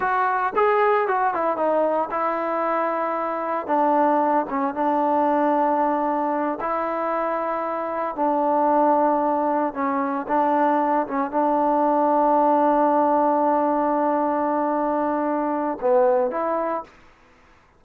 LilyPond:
\new Staff \with { instrumentName = "trombone" } { \time 4/4 \tempo 4 = 114 fis'4 gis'4 fis'8 e'8 dis'4 | e'2. d'4~ | d'8 cis'8 d'2.~ | d'8 e'2. d'8~ |
d'2~ d'8 cis'4 d'8~ | d'4 cis'8 d'2~ d'8~ | d'1~ | d'2 b4 e'4 | }